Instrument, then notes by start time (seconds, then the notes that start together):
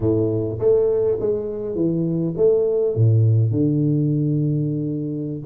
tuba
0.00 A2
0.59 A3
1.20 G#3
1.75 E3
2.37 A3
2.95 A2
3.51 D3